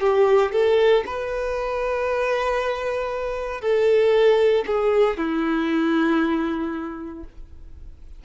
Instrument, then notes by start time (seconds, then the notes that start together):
violin
0.00 G4
0.52 A4
1.06 B4
3.61 A4
4.66 G#4
5.17 E4